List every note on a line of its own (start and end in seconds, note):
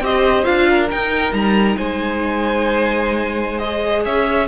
0.00 0.43 C4
0.00 0.43 G4
0.00 0.68 C5
0.00 0.44 D#5
0.43 0.91 D4
0.43 0.87 F4
0.43 0.87 F5
0.68 1.76 A#4
0.90 3.61 D#4
0.90 1.32 D#4
0.90 1.32 G5
1.32 1.75 G3
1.32 1.76 A#5
1.76 4.05 G#3
1.76 4.04 C5
1.76 3.58 G#5
3.58 4.47 G#4
3.58 4.01 D#5
4.04 4.47 C#4
4.04 4.47 C#5
4.04 4.47 E5